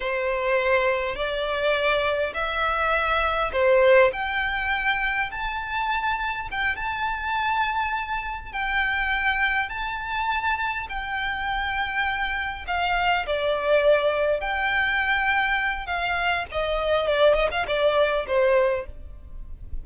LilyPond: \new Staff \with { instrumentName = "violin" } { \time 4/4 \tempo 4 = 102 c''2 d''2 | e''2 c''4 g''4~ | g''4 a''2 g''8 a''8~ | a''2~ a''8 g''4.~ |
g''8 a''2 g''4.~ | g''4. f''4 d''4.~ | d''8 g''2~ g''8 f''4 | dis''4 d''8 dis''16 f''16 d''4 c''4 | }